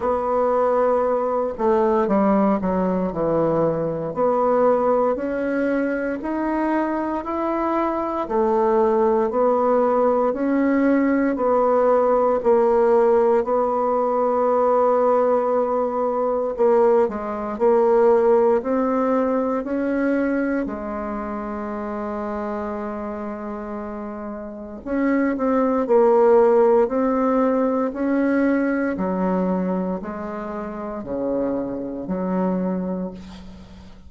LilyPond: \new Staff \with { instrumentName = "bassoon" } { \time 4/4 \tempo 4 = 58 b4. a8 g8 fis8 e4 | b4 cis'4 dis'4 e'4 | a4 b4 cis'4 b4 | ais4 b2. |
ais8 gis8 ais4 c'4 cis'4 | gis1 | cis'8 c'8 ais4 c'4 cis'4 | fis4 gis4 cis4 fis4 | }